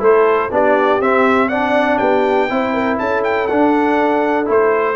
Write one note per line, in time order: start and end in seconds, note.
0.00 0.51 A3
0.00 0.50 E4
0.00 0.51 A4
0.00 0.53 C5
0.51 1.00 B3
0.51 1.01 D4
0.51 1.49 G4
0.51 1.01 D5
1.00 1.99 C4
1.00 1.51 C4
1.00 1.49 E5
1.49 2.50 D4
1.49 1.98 D5
1.49 1.98 F#5
1.98 2.50 B3
1.98 2.48 G4
1.98 2.97 G5
2.50 3.00 C4
2.50 3.49 E4
2.50 2.73 C5
2.73 2.98 A#4
2.98 3.49 C#4
2.98 4.96 A4
2.98 3.23 A5
3.24 3.47 G5
3.47 4.49 D4
3.47 4.45 D4
3.47 4.47 F#5
4.45 4.96 A3
4.45 4.95 E4
4.45 4.96 C5